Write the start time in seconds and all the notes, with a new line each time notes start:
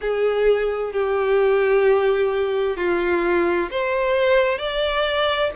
0.01 G#4
0.92 G4
2.77 F4
3.70 C5
4.58 D5